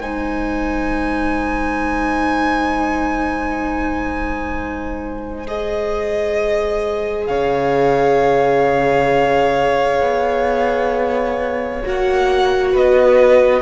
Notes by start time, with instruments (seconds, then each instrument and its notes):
0.00 cello G#3, viola D#4, violin C5 G#5
5.48 viola G#4, violin D#5
7.27 cello C#3, violin C#5 F5
10.01 cello B3
11.83 cello A#3, viola F#4, violin F#5
12.73 cello B3, violin B4 D#5